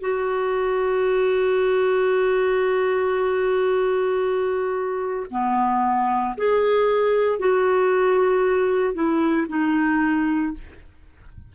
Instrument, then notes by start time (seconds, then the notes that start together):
clarinet
0.00 F#4
5.30 B3
6.37 G#4
7.39 F#4
8.94 E4
9.48 D#4